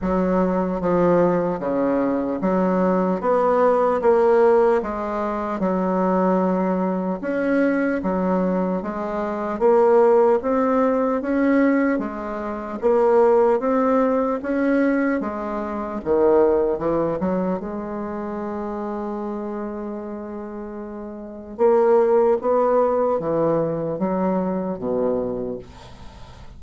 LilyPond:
\new Staff \with { instrumentName = "bassoon" } { \time 4/4 \tempo 4 = 75 fis4 f4 cis4 fis4 | b4 ais4 gis4 fis4~ | fis4 cis'4 fis4 gis4 | ais4 c'4 cis'4 gis4 |
ais4 c'4 cis'4 gis4 | dis4 e8 fis8 gis2~ | gis2. ais4 | b4 e4 fis4 b,4 | }